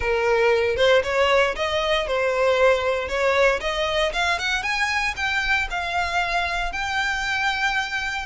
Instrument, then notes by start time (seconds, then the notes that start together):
violin
0.00 A#4
0.76 C5
1.03 C#5
1.55 D#5
2.07 C5
3.08 C#5
3.60 D#5
4.12 F5
4.38 F#5
4.62 G#5
5.16 G5
5.70 F5
6.72 G5